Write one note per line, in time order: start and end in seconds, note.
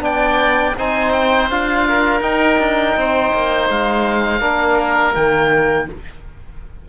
0.00 0.73 B3
0.00 0.73 D4
0.00 0.76 D5
0.00 0.77 G5
0.78 1.50 C4
0.78 1.50 D#4
0.78 1.87 C5
0.78 1.12 G#5
1.12 1.49 G5
1.50 2.20 D4
1.50 2.21 F4
1.50 2.21 F5
1.88 2.98 A#4
2.20 2.57 D#4
2.20 4.40 D#4
2.20 3.67 G5
2.58 2.95 D4
2.96 3.32 C4
2.96 4.41 C5
3.33 3.69 A#3
3.69 4.41 G#3
3.69 5.15 F5
4.40 5.14 A#3
4.40 5.13 D4
4.40 5.87 A#4
5.13 5.88 D#3
5.13 5.87 A#3
5.13 5.88 G5